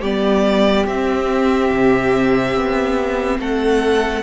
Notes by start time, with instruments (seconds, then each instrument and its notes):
0.00 cello G3, viola B3, violin G4 D5
0.87 cello C4, viola C4, violin E5
1.72 cello C3
2.56 cello B3
3.40 cello A3, violin A4 F#5